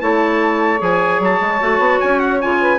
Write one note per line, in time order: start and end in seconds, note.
0.00 0.81 A3
0.00 0.78 E4
0.00 2.60 C#5
0.00 0.81 A5
0.78 1.19 F3
0.78 1.58 G#4
0.78 1.22 G#5
1.19 1.39 F#3
1.19 2.00 A5
1.40 1.60 G#3
1.60 1.79 A3
1.60 2.40 F#4
1.79 1.99 B3
2.00 2.43 C#4
2.00 2.19 G#5
2.19 2.39 F#5
2.41 2.78 C#3
2.41 2.78 F4
2.41 2.78 G#5
2.60 2.78 B4